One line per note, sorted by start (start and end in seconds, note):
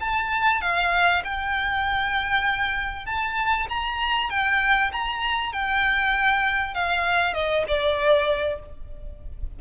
0.00 0.61 A5
0.61 1.22 F5
1.24 3.06 G5
3.06 3.67 A5
3.69 4.30 A#5
4.30 4.91 G5
4.92 5.52 A#5
5.52 6.74 G5
6.74 7.34 F5
7.34 7.64 D#5
7.68 8.59 D5